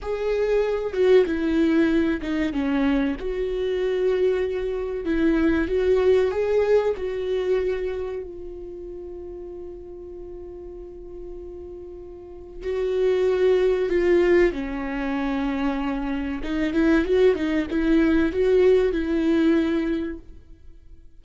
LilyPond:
\new Staff \with { instrumentName = "viola" } { \time 4/4 \tempo 4 = 95 gis'4. fis'8 e'4. dis'8 | cis'4 fis'2. | e'4 fis'4 gis'4 fis'4~ | fis'4 f'2.~ |
f'1 | fis'2 f'4 cis'4~ | cis'2 dis'8 e'8 fis'8 dis'8 | e'4 fis'4 e'2 | }